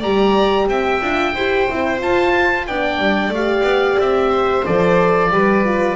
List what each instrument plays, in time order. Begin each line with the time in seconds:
0.00 double bass G3, horn G4, violin D5, oboe A#5
0.68 double bass C4, violin E5, oboe G5
1.02 double bass D4, horn F4
1.34 double bass E4, horn G4, violin C5
1.70 double bass C4, horn E4
1.99 horn F4, double bass F4, oboe A5
2.67 double bass B3, horn D4, violin D5, oboe G5
2.99 double bass G3
3.29 double bass A3
3.35 horn G4, oboe F5
3.64 double bass B3
3.99 double bass C4, oboe E5
4.30 violin C5
4.66 double bass F3, horn A4, oboe D5
5.31 double bass G3, horn G4, violin B4
5.65 horn F4